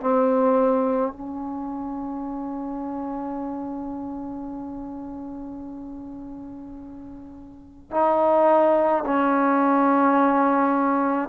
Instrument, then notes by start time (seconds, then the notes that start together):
trombone
0.00 C4
1.12 C#4
7.90 D#4
9.04 C#4